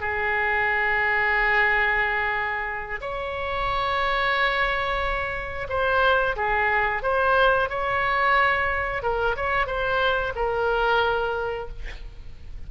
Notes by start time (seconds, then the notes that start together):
0.00 G#4
3.01 C#5
5.69 C5
6.36 G#4
7.02 C5
7.69 C#5
9.02 A#4
9.36 C#5
9.66 C5
10.35 A#4